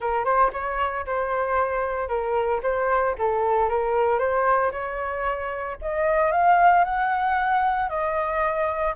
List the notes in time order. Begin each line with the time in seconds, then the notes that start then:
0.00 A#4
0.24 C5
0.52 C#5
1.06 C5
2.08 A#4
2.62 C5
3.18 A4
3.69 A#4
4.18 C5
4.71 C#5
5.81 D#5
6.31 F5
6.84 F#5
7.89 D#5